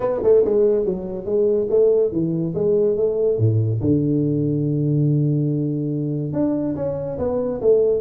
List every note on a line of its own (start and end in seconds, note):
0.00 0.21 B3
0.23 0.44 A3
0.44 0.85 G#3
0.85 1.25 F#3
1.25 1.67 G#3
1.70 2.11 A3
2.11 2.54 E3
2.54 2.96 G#3
2.96 3.38 A3
3.38 3.80 A2
3.80 6.33 D3
6.33 6.75 D4
6.75 7.18 C#4
7.18 7.60 B3
7.61 8.01 A3